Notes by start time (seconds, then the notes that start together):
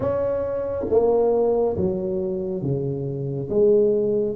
0.00 C#4
0.89 A#3
1.76 F#3
2.62 C#3
3.49 G#3